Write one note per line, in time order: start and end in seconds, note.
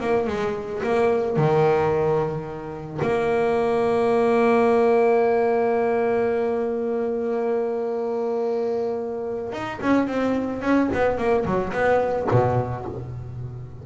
0.00 0.27 A#3
0.27 0.81 G#3
0.83 1.36 A#3
1.36 3.00 D#3
3.01 9.52 A#3
9.52 9.80 D#4
9.81 10.07 C#4
10.07 10.62 C4
10.62 10.89 C#4
10.93 11.18 B3
11.18 11.45 A#3
11.45 11.72 F#3
11.73 12.27 B3
12.31 12.85 B2